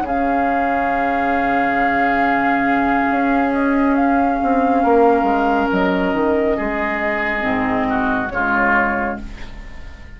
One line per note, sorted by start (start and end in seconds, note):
0.00 3.04 C#3
0.00 4.82 G#4
0.07 7.40 C#4
0.07 3.53 F5
3.10 4.41 C#4
3.53 3.95 D#5
3.95 5.69 F5
4.42 4.84 C4
4.82 5.22 A#3
4.82 6.56 A#4
5.22 5.66 G#3
5.71 6.12 F#3
5.71 8.29 D#5
6.12 6.56 D#3
6.56 7.43 G#3
6.56 7.87 G#4
7.40 8.30 G#2
7.40 8.27 C4
7.88 8.32 F#4
8.29 9.17 C#3
8.29 9.20 G#3
8.29 9.20 F4
8.29 9.16 C#5